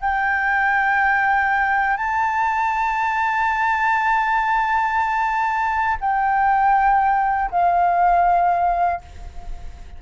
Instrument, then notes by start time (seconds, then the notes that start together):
flute
0.00 G5
1.97 A5
6.00 G5
7.50 F5